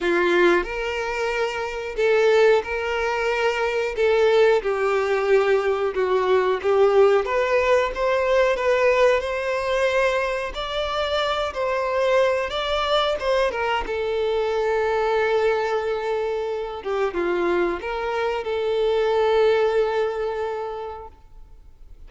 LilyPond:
\new Staff \with { instrumentName = "violin" } { \time 4/4 \tempo 4 = 91 f'4 ais'2 a'4 | ais'2 a'4 g'4~ | g'4 fis'4 g'4 b'4 | c''4 b'4 c''2 |
d''4. c''4. d''4 | c''8 ais'8 a'2.~ | a'4. g'8 f'4 ais'4 | a'1 | }